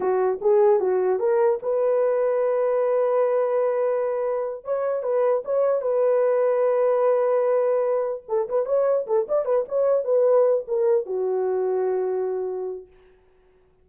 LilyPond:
\new Staff \with { instrumentName = "horn" } { \time 4/4 \tempo 4 = 149 fis'4 gis'4 fis'4 ais'4 | b'1~ | b'2.~ b'8 cis''8~ | cis''8 b'4 cis''4 b'4.~ |
b'1~ | b'8 a'8 b'8 cis''4 a'8 d''8 b'8 | cis''4 b'4. ais'4 fis'8~ | fis'1 | }